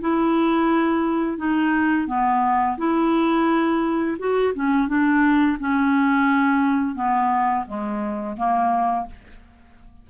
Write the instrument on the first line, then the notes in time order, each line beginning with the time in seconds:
clarinet
0.00 E4
1.37 D#4
2.07 B3
2.77 E4
4.18 F#4
4.54 C#4
4.88 D4
5.59 C#4
6.95 B3
7.66 G#3
8.37 A#3